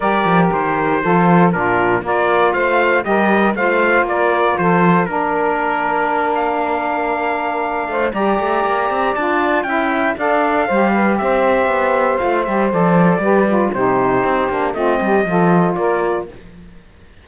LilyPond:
<<
  \new Staff \with { instrumentName = "trumpet" } { \time 4/4 \tempo 4 = 118 d''4 c''2 ais'4 | d''4 f''4 dis''4 f''4 | d''4 c''4 ais'2~ | ais'8 f''2.~ f''8 |
ais''2 a''4 g''4 | f''2 e''2 | f''8 e''8 d''2 c''4~ | c''4 dis''2 d''4 | }
  \new Staff \with { instrumentName = "saxophone" } { \time 4/4 ais'2 a'4 f'4 | ais'4 c''4 ais'4 c''4 | ais'4 a'4 ais'2~ | ais'2.~ ais'8 c''8 |
d''2. e''4 | d''4 c''8 b'8 c''2~ | c''2 b'4 g'4~ | g'4 f'8 g'8 a'4 ais'4 | }
  \new Staff \with { instrumentName = "saxophone" } { \time 4/4 g'2 f'4 d'4 | f'2 g'4 f'4~ | f'2 d'2~ | d'1 |
g'2 f'4 e'4 | a'4 g'2. | f'8 g'8 a'4 g'8 f'8 dis'4~ | dis'8 d'8 c'4 f'2 | }
  \new Staff \with { instrumentName = "cello" } { \time 4/4 g8 f8 dis4 f4 ais,4 | ais4 a4 g4 a4 | ais4 f4 ais2~ | ais2.~ ais8 a8 |
g8 a8 ais8 c'8 d'4 cis'4 | d'4 g4 c'4 b4 | a8 g8 f4 g4 c4 | c'8 ais8 a8 g8 f4 ais4 | }
>>